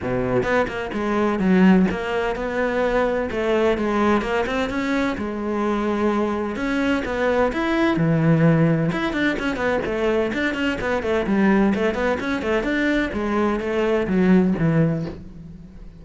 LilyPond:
\new Staff \with { instrumentName = "cello" } { \time 4/4 \tempo 4 = 128 b,4 b8 ais8 gis4 fis4 | ais4 b2 a4 | gis4 ais8 c'8 cis'4 gis4~ | gis2 cis'4 b4 |
e'4 e2 e'8 d'8 | cis'8 b8 a4 d'8 cis'8 b8 a8 | g4 a8 b8 cis'8 a8 d'4 | gis4 a4 fis4 e4 | }